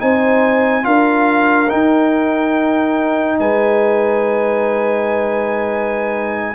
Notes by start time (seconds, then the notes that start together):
0.00 C4 D#4 C5 G#5
0.83 D4 F4 A#4 F5
1.69 D#4 G5
3.40 G#3 B4 G#5